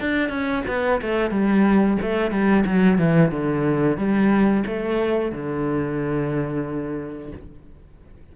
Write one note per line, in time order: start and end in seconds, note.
0.00 0.29 D4
0.29 0.62 C#4
0.67 1.01 B3
1.01 1.30 A3
1.30 1.97 G3
2.01 2.31 A3
2.31 2.64 G3
2.65 2.98 F#3
2.98 3.31 E3
3.31 3.97 D3
3.97 4.64 G3
4.66 5.32 A3
5.32 7.32 D3